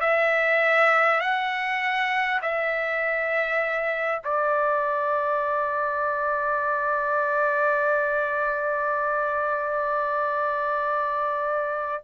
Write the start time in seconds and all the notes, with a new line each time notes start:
0.00 E5
1.20 F#5
2.42 E5
4.24 D5